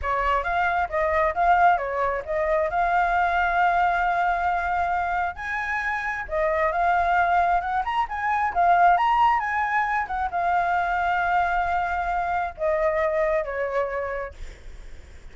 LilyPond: \new Staff \with { instrumentName = "flute" } { \time 4/4 \tempo 4 = 134 cis''4 f''4 dis''4 f''4 | cis''4 dis''4 f''2~ | f''1 | gis''2 dis''4 f''4~ |
f''4 fis''8 ais''8 gis''4 f''4 | ais''4 gis''4. fis''8 f''4~ | f''1 | dis''2 cis''2 | }